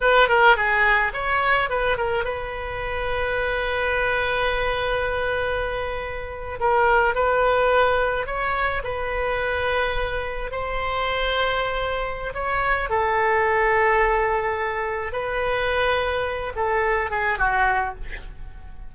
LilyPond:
\new Staff \with { instrumentName = "oboe" } { \time 4/4 \tempo 4 = 107 b'8 ais'8 gis'4 cis''4 b'8 ais'8 | b'1~ | b'2.~ b'8. ais'16~ | ais'8. b'2 cis''4 b'16~ |
b'2~ b'8. c''4~ c''16~ | c''2 cis''4 a'4~ | a'2. b'4~ | b'4. a'4 gis'8 fis'4 | }